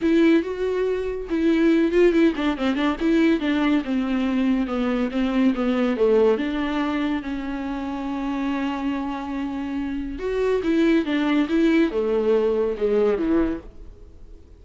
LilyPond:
\new Staff \with { instrumentName = "viola" } { \time 4/4 \tempo 4 = 141 e'4 fis'2 e'4~ | e'8 f'8 e'8 d'8 c'8 d'8 e'4 | d'4 c'2 b4 | c'4 b4 a4 d'4~ |
d'4 cis'2.~ | cis'1 | fis'4 e'4 d'4 e'4 | a2 gis4 e4 | }